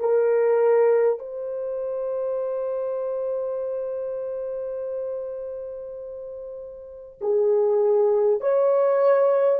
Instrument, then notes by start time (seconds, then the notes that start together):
horn
0.00 A#4
1.19 C5
7.21 G#4
8.41 C#5